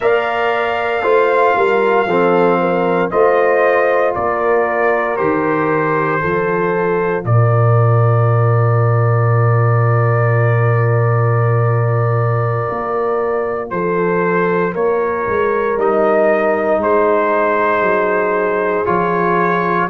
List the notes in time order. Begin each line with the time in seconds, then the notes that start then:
0.00 A#3 A#4 D5 F5
1.03 A3 F4 C5
1.56 G3 A#4
2.06 F3 C4 A4
2.61 A#4
3.10 A3 F4 C5 D#5
4.14 A#3 A#4 D5
5.16 D#3 G4 C5
6.20 F3 F4 A4
7.24 A#2 A#4 D5
12.70 A#3
13.70 F3 A4 C5
14.73 A#3 A#4 C#5
15.27 G#3
15.76 G3 D#4 D#5
16.78 G#3 G#4 C5
17.81 F#3
18.85 F3 F4 C#5